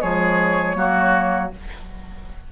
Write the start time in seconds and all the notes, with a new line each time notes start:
0.00 F3 G#3 G#4 C#5
0.75 F#3 A#3 F#4